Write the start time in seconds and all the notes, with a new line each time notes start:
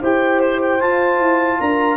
0.00 E4 G4 C5 G5
0.40 C5
0.61 G5
0.80 F4 A5
1.19 E4
1.59 D4 A#4 A#5